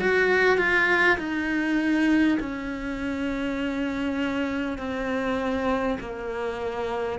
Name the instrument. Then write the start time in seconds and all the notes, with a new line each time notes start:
cello
0.00 F#4
0.58 F4
1.18 D#4
2.39 C#4
4.78 C4
6.00 A#3